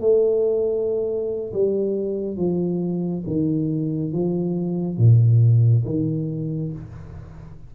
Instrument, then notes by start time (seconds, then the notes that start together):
tuba
0.00 A3
1.53 G3
2.37 F3
3.26 D#3
4.12 F3
4.97 A#2
5.85 D#3